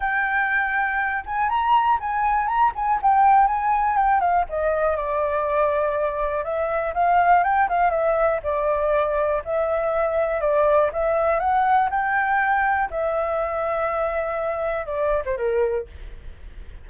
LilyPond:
\new Staff \with { instrumentName = "flute" } { \time 4/4 \tempo 4 = 121 g''2~ g''8 gis''8 ais''4 | gis''4 ais''8 gis''8 g''4 gis''4 | g''8 f''8 dis''4 d''2~ | d''4 e''4 f''4 g''8 f''8 |
e''4 d''2 e''4~ | e''4 d''4 e''4 fis''4 | g''2 e''2~ | e''2 d''8. c''16 ais'4 | }